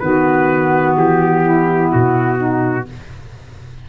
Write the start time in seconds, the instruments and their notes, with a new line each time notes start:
0.00 tuba D#3, clarinet B3, saxophone F#4, trumpet B4
0.96 tuba E3, trumpet G4
1.43 saxophone E4
1.93 tuba B2, trumpet F#4
2.37 saxophone D#4